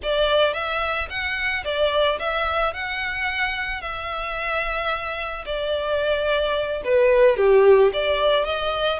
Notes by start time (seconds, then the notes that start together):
0.02 D5
0.53 E5
1.09 F#5
1.64 D5
2.19 E5
2.73 F#5
3.81 E5
5.45 D5
6.84 B4
7.37 G4
7.93 D5
8.44 D#5